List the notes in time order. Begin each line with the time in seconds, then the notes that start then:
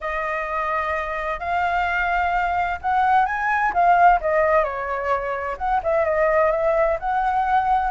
0.01 D#5
1.39 F5
2.81 F#5
3.25 G#5
3.73 F5
4.21 D#5
4.64 C#5
5.57 F#5
5.83 E5
6.04 D#5
6.51 E5
6.99 F#5